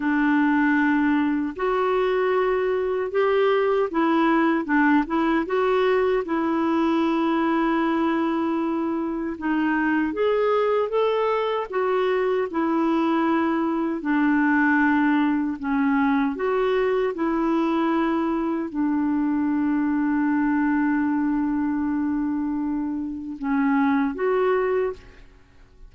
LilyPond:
\new Staff \with { instrumentName = "clarinet" } { \time 4/4 \tempo 4 = 77 d'2 fis'2 | g'4 e'4 d'8 e'8 fis'4 | e'1 | dis'4 gis'4 a'4 fis'4 |
e'2 d'2 | cis'4 fis'4 e'2 | d'1~ | d'2 cis'4 fis'4 | }